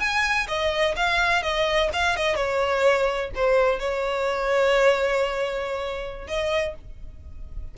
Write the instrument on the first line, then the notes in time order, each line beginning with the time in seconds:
violin
0.00 G#5
0.48 D#5
0.96 F5
1.43 D#5
1.93 F5
2.16 D#5
2.36 C#5
3.35 C5
3.79 C#5
6.27 D#5